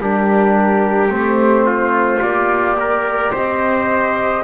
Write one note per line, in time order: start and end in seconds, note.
0.00 1.08 G3
0.00 1.09 D4
0.00 1.66 G4
0.00 1.12 A#4
1.08 2.19 A3
1.08 2.20 C4
1.14 2.22 C5
1.66 2.77 F4
2.21 3.33 A#3
2.21 4.43 G4
2.21 3.33 D5
2.79 3.31 A#4
3.31 4.43 C4
3.31 4.43 C5
3.31 4.43 D#5